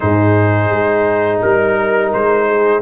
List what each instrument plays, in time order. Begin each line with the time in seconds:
0.00 tuba G#2, trombone D#4, horn G#4, trumpet C5
0.70 tuba G#3
1.41 tuba G3, horn A#4, trumpet A#4
2.12 tuba G#3, trumpet C5
2.47 horn G#4